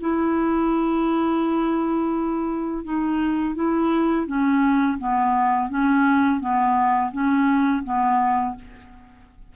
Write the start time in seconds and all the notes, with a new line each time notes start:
0.00 E4
2.84 D#4
3.55 E4
4.27 C#4
4.98 B3
5.69 C#4
6.40 B3
7.12 C#4
7.84 B3